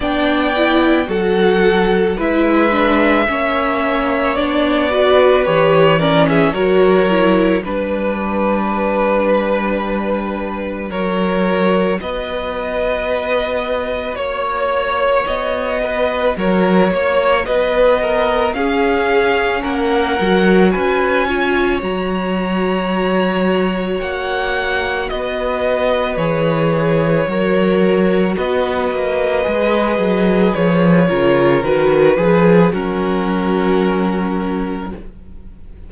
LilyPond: <<
  \new Staff \with { instrumentName = "violin" } { \time 4/4 \tempo 4 = 55 g''4 fis''4 e''2 | d''4 cis''8 d''16 e''16 cis''4 b'4~ | b'2 cis''4 dis''4~ | dis''4 cis''4 dis''4 cis''4 |
dis''4 f''4 fis''4 gis''4 | ais''2 fis''4 dis''4 | cis''2 dis''2 | cis''4 b'4 ais'2 | }
  \new Staff \with { instrumentName = "violin" } { \time 4/4 d''4 a'4 b'4 cis''4~ | cis''8 b'4 ais'16 gis'16 ais'4 b'4~ | b'2 ais'4 b'4~ | b'4 cis''4. b'8 ais'8 cis''8 |
b'8 ais'8 gis'4 ais'4 b'8 cis''8~ | cis''2. b'4~ | b'4 ais'4 b'2~ | b'8 ais'4 gis'8 fis'2 | }
  \new Staff \with { instrumentName = "viola" } { \time 4/4 d'8 e'8 fis'4 e'8 d'8 cis'4 | d'8 fis'8 g'8 cis'8 fis'8 e'8 d'4~ | d'2 fis'2~ | fis'1~ |
fis'4 cis'4. fis'4 f'8 | fis'1 | gis'4 fis'2 gis'4~ | gis'8 f'8 fis'8 gis'8 cis'2 | }
  \new Staff \with { instrumentName = "cello" } { \time 4/4 b4 fis4 gis4 ais4 | b4 e4 fis4 g4~ | g2 fis4 b4~ | b4 ais4 b4 fis8 ais8 |
b4 cis'4 ais8 fis8 cis'4 | fis2 ais4 b4 | e4 fis4 b8 ais8 gis8 fis8 | f8 cis8 dis8 f8 fis2 | }
>>